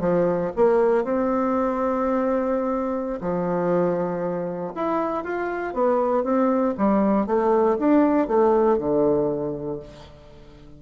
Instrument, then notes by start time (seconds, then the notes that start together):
bassoon
0.00 F3
0.56 A#3
1.04 C4
3.20 F3
4.75 E4
5.24 F4
5.73 B3
6.23 C4
6.77 G3
7.26 A3
7.79 D4
8.27 A3
8.78 D3